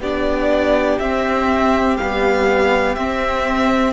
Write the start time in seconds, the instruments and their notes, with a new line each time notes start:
0.00 cello B3, viola D4, violin G4 D5
0.99 cello C4, viola C4, violin E5
1.97 viola G3, cello B3, violin F5
2.95 cello C4, viola C4, violin E5